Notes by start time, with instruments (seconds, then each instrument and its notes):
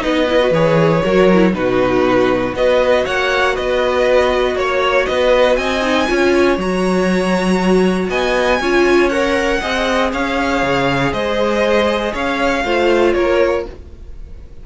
0.00 cello B3, viola D#4, violin B4 D#5
0.29 viola E4
0.40 viola F#4
0.51 cello E3, viola G#4, violin C#5
1.03 cello F#3, viola F#4, violin A#4
1.34 viola E4
1.53 cello B2, viola D#4, violin F#4 B4
2.54 cello B3, viola F#4, violin B4 D#5
3.05 cello A#3, violin C#5 F#5
3.55 cello B3, violin B4 D#5
4.56 cello A#3, violin C#5
5.06 cello B3, violin B4 D#5
5.57 cello C4, violin D#5 G#5
5.82 viola D#4
6.07 cello C#4, viola F4, violin C#5
6.58 cello F#3, viola F#4, violin A#5
8.10 cello B3, violin D#5 G#5
8.60 cello C#4, viola F4, violin C#5
9.10 viola A#4, violin F#5
9.61 cello C4, viola G#4, violin D#5
10.12 cello C#4, violin C#5 F5
10.63 cello C#3
11.12 cello G#3, violin C5 D#5
12.13 cello C#4, violin C#5 F5
12.65 cello A3, viola F4, violin C5
13.13 cello A#3, violin A#4 C#5